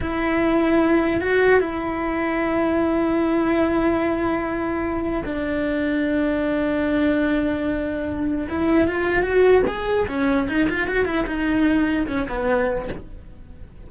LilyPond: \new Staff \with { instrumentName = "cello" } { \time 4/4 \tempo 4 = 149 e'2. fis'4 | e'1~ | e'1~ | e'4 d'2.~ |
d'1~ | d'4 e'4 f'4 fis'4 | gis'4 cis'4 dis'8 f'8 fis'8 e'8 | dis'2 cis'8 b4. | }